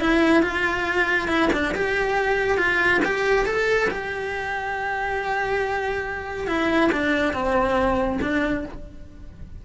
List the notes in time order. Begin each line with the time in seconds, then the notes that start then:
0.00 E4
0.43 F4
1.28 E4
1.53 D4
1.75 G4
2.58 F4
3.05 G4
3.46 A4
3.91 G4
6.47 E4
6.92 D4
7.33 C4
8.22 D4